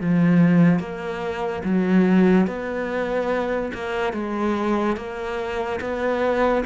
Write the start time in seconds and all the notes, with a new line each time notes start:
0.00 F3
0.79 A#3
1.63 F#3
2.47 B3
3.73 A#3
4.13 G#3
4.96 A#3
5.80 B3